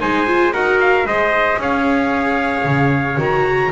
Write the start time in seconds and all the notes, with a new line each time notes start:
0.00 G#3 D#4 C5 G#5
0.26 F4
0.53 D#4 F#4 A#4 F#5
0.80 F5
1.04 G#3 G#4 C5 D#5
1.58 C#4 C#5 F5
2.65 C#3
3.17 D#3 F#4 A#5